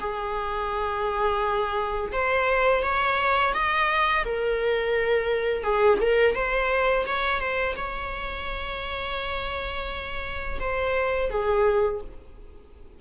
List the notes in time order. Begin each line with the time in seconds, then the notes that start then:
0.00 G#4
2.12 C5
2.83 C#5
3.54 D#5
4.25 A#4
5.63 G#4
6.01 A#4
6.35 C5
7.06 C#5
7.40 C5
7.77 C#5
10.60 C5
11.30 G#4